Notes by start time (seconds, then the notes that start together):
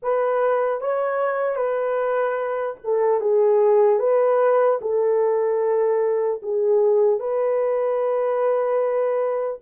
0.02 B4
0.80 C#5
1.56 B4
2.84 A4
3.20 G#4
3.99 B4
4.81 A4
6.42 G#4
7.19 B4